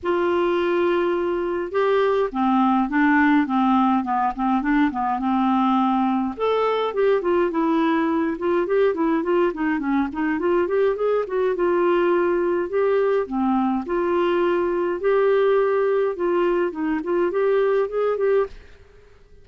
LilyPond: \new Staff \with { instrumentName = "clarinet" } { \time 4/4 \tempo 4 = 104 f'2. g'4 | c'4 d'4 c'4 b8 c'8 | d'8 b8 c'2 a'4 | g'8 f'8 e'4. f'8 g'8 e'8 |
f'8 dis'8 cis'8 dis'8 f'8 g'8 gis'8 fis'8 | f'2 g'4 c'4 | f'2 g'2 | f'4 dis'8 f'8 g'4 gis'8 g'8 | }